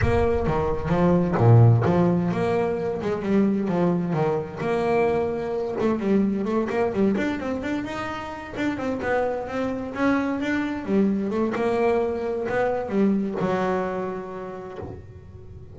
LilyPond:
\new Staff \with { instrumentName = "double bass" } { \time 4/4 \tempo 4 = 130 ais4 dis4 f4 ais,4 | f4 ais4. gis8 g4 | f4 dis4 ais2~ | ais8 a8 g4 a8 ais8 g8 d'8 |
c'8 d'8 dis'4. d'8 c'8 b8~ | b8 c'4 cis'4 d'4 g8~ | g8 a8 ais2 b4 | g4 fis2. | }